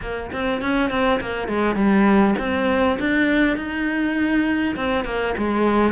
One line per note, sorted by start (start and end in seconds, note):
0.01 0.30 A#3
0.31 0.61 C4
0.61 0.90 C#4
0.90 1.20 C4
1.20 1.48 A#3
1.48 1.75 G#3
1.75 2.35 G3
2.38 2.98 C4
2.99 3.56 D4
3.56 4.75 D#4
4.76 5.04 C4
5.04 5.34 A#3
5.37 5.92 G#3